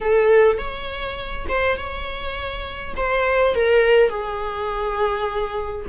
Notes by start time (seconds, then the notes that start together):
0.00 A4
0.57 C#5
1.48 C5
1.77 C#5
2.96 C5
3.54 A#4
4.09 G#4